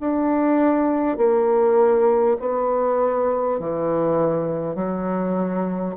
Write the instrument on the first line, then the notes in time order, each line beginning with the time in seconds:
bassoon
0.00 D4
1.17 A#3
2.39 B3
3.59 E3
4.75 F#3